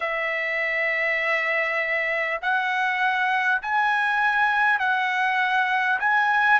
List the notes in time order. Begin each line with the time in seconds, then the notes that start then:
0.00 E5
2.41 F#5
3.62 G#5
4.79 F#5
5.99 G#5